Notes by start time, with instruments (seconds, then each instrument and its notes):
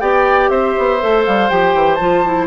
0.00 bassoon B3, clarinet G4, oboe D5, flute G5
0.49 bassoon C4, oboe C5, flute E5
0.78 bassoon B3
1.00 bassoon A3, clarinet A4
1.26 bassoon G3, flute F5
1.50 bassoon F3, clarinet G4, flute G5
1.74 bassoon E3
1.95 bassoon F3, clarinet F4, flute A5
2.25 clarinet E4